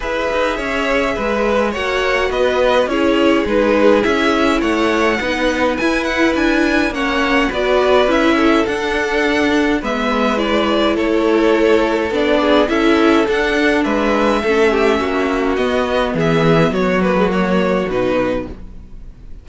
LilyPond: <<
  \new Staff \with { instrumentName = "violin" } { \time 4/4 \tempo 4 = 104 e''2. fis''4 | dis''4 cis''4 b'4 e''4 | fis''2 gis''8 fis''8 gis''4 | fis''4 d''4 e''4 fis''4~ |
fis''4 e''4 d''4 cis''4~ | cis''4 d''4 e''4 fis''4 | e''2. dis''4 | e''4 cis''8 b'8 cis''4 b'4 | }
  \new Staff \with { instrumentName = "violin" } { \time 4/4 b'4 cis''4 b'4 cis''4 | b'4 gis'2. | cis''4 b'2. | cis''4 b'4. a'4.~ |
a'4 b'2 a'4~ | a'4. gis'8 a'2 | b'4 a'8 g'8 fis'2 | gis'4 fis'2. | }
  \new Staff \with { instrumentName = "viola" } { \time 4/4 gis'2. fis'4~ | fis'4 e'4 dis'4 e'4~ | e'4 dis'4 e'2 | cis'4 fis'4 e'4 d'4~ |
d'4 b4 e'2~ | e'4 d'4 e'4 d'4~ | d'4 cis'2 b4~ | b4. ais16 gis16 ais4 dis'4 | }
  \new Staff \with { instrumentName = "cello" } { \time 4/4 e'8 dis'8 cis'4 gis4 ais4 | b4 cis'4 gis4 cis'4 | a4 b4 e'4 d'4 | ais4 b4 cis'4 d'4~ |
d'4 gis2 a4~ | a4 b4 cis'4 d'4 | gis4 a4 ais4 b4 | e4 fis2 b,4 | }
>>